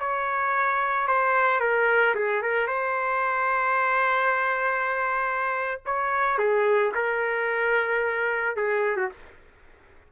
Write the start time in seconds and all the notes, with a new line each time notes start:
0.00 C#5
1.08 C5
1.60 A#4
2.15 G#4
2.42 A#4
2.68 C5
5.86 C#5
6.38 G#4
6.95 A#4
8.56 G#4
8.97 F#4